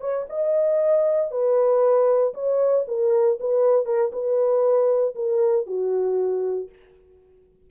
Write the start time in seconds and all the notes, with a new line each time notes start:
0.00 C#5
0.29 D#5
1.31 B4
2.34 C#5
2.87 A#4
3.39 B4
3.85 A#4
4.12 B4
5.15 A#4
5.66 F#4